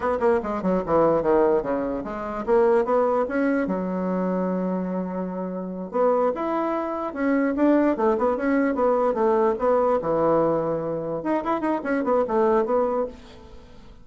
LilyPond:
\new Staff \with { instrumentName = "bassoon" } { \time 4/4 \tempo 4 = 147 b8 ais8 gis8 fis8 e4 dis4 | cis4 gis4 ais4 b4 | cis'4 fis2.~ | fis2~ fis8 b4 e'8~ |
e'4. cis'4 d'4 a8 | b8 cis'4 b4 a4 b8~ | b8 e2. dis'8 | e'8 dis'8 cis'8 b8 a4 b4 | }